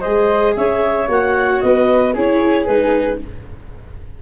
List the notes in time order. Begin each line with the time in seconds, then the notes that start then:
0.00 G#3 G#4 C5 D#5
0.55 C#4 C#5 E5
1.08 A#3 F#4 F#5
1.60 B3 B4 D#5
2.13 C#4 E4 G#4 C#5
2.65 G#3 D#4 B4